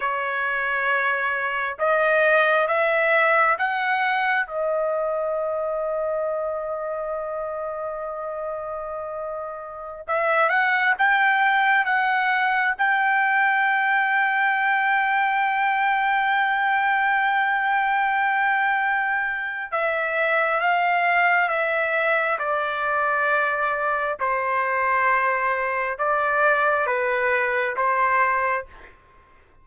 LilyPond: \new Staff \with { instrumentName = "trumpet" } { \time 4/4 \tempo 4 = 67 cis''2 dis''4 e''4 | fis''4 dis''2.~ | dis''2.~ dis''16 e''8 fis''16~ | fis''16 g''4 fis''4 g''4.~ g''16~ |
g''1~ | g''2 e''4 f''4 | e''4 d''2 c''4~ | c''4 d''4 b'4 c''4 | }